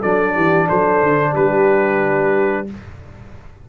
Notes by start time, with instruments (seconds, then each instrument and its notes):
0.00 tuba F#3, trombone D4, horn A4, trumpet D5
0.34 tuba E3, horn G4
0.68 tuba F#3, horn A4, trumpet C5
1.02 tuba D3
1.32 tuba G3, horn G4, trumpet B4